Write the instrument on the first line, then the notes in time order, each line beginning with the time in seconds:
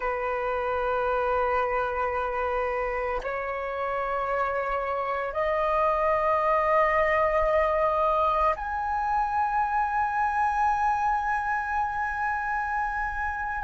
flute
0.00 B4
3.23 C#5
5.33 D#5
8.56 G#5